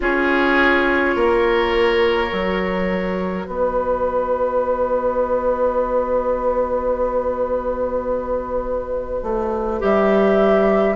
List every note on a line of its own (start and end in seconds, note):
0.00 1.15 C#4
0.00 2.29 F4
0.00 1.16 G#4
0.00 3.45 C#5
1.15 2.31 A#3
1.15 3.46 A#4
2.29 3.47 F#3
2.29 9.79 F#4
3.45 9.22 B3
3.45 10.95 B4
3.45 9.80 D#5
9.22 9.80 A3
9.79 10.95 G3
9.79 10.94 G4
9.79 10.95 E5